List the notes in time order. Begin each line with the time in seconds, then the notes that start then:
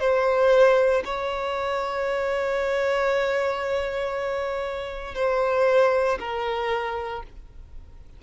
0.00 C5
1.05 C#5
5.15 C5
6.19 A#4